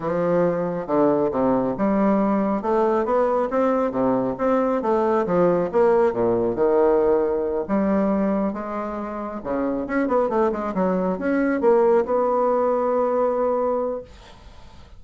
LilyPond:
\new Staff \with { instrumentName = "bassoon" } { \time 4/4 \tempo 4 = 137 f2 d4 c4 | g2 a4 b4 | c'4 c4 c'4 a4 | f4 ais4 ais,4 dis4~ |
dis4. g2 gis8~ | gis4. cis4 cis'8 b8 a8 | gis8 fis4 cis'4 ais4 b8~ | b1 | }